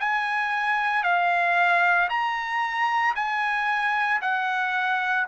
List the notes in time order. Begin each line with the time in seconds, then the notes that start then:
0.00 G#5
1.04 F5
2.10 A#5
3.16 G#5
4.22 F#5